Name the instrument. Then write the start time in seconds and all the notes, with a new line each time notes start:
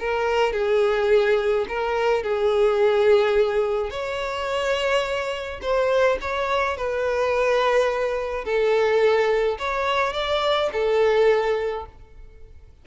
violin
0.00 A#4
0.53 G#4
1.69 A#4
2.23 G#4
3.91 C#5
5.62 C5
6.21 C#5
6.77 B4
8.45 A4
9.59 C#5
10.13 D5
10.73 A4